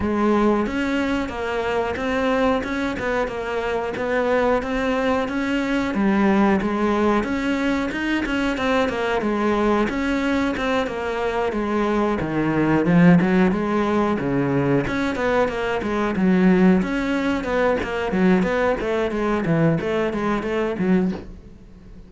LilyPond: \new Staff \with { instrumentName = "cello" } { \time 4/4 \tempo 4 = 91 gis4 cis'4 ais4 c'4 | cis'8 b8 ais4 b4 c'4 | cis'4 g4 gis4 cis'4 | dis'8 cis'8 c'8 ais8 gis4 cis'4 |
c'8 ais4 gis4 dis4 f8 | fis8 gis4 cis4 cis'8 b8 ais8 | gis8 fis4 cis'4 b8 ais8 fis8 | b8 a8 gis8 e8 a8 gis8 a8 fis8 | }